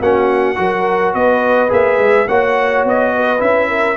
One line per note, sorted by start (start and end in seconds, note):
0.00 0.57 A#3
0.00 0.55 C#4
0.00 0.57 F#4
0.00 1.14 F#5
0.55 1.14 F#3
0.55 1.68 F#4
0.55 1.15 A#4
1.14 1.71 B3
1.14 2.28 B4
1.14 1.71 D#5
1.69 1.98 A#3
1.69 2.25 G#4
1.69 2.28 E5
1.98 2.27 G#3
2.28 2.84 A#3
2.28 3.39 F#4
2.28 3.13 C#5
2.28 2.84 F#5
2.84 3.41 B3
2.84 3.41 D#5
3.15 3.69 B4
3.39 3.97 C#4
3.39 3.95 E4
3.39 3.97 E5
3.69 3.97 A#4